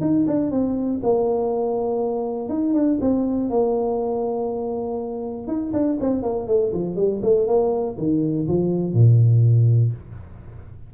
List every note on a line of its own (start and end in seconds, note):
0.00 0.25 D#4
0.27 0.51 D4
0.51 1.00 C4
1.03 2.49 A#3
2.49 2.73 D#4
2.73 2.98 D4
3.00 3.50 C4
3.50 5.47 A#3
5.47 5.72 D#4
5.72 5.97 D4
6.00 6.22 C4
6.22 6.47 A#3
6.47 6.72 A3
6.73 6.95 F3
6.95 7.20 G3
7.22 7.47 A3
7.47 7.96 A#3
7.97 8.47 D#3
8.47 8.93 F3
8.93 9.92 A#2